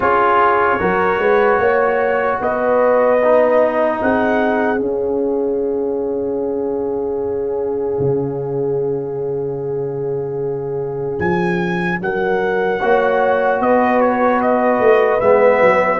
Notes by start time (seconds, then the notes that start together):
0.00 C#4 F4 G#4 C#5
0.79 F#3 F#4 A#4
1.18 G#3 B4
1.58 A#3 C#5
2.40 B3 B4 D#5
3.23 D#4
4.02 C4 G#4 F#5
4.77 C#4 F5
7.99 C#3
11.19 F3 G#5
12.00 F#3 A#4 F#5
12.80 A#3 F#4 C#5
13.60 B3 B4 D#5
14.00 C#5
14.41 D#5
14.79 A3
15.20 G#3 B3 E5
15.61 F#3